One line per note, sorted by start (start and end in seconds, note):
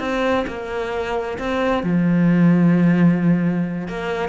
0.00 0.45 C4
0.48 1.38 A#3
1.39 1.84 C4
1.84 3.88 F3
3.88 4.29 A#3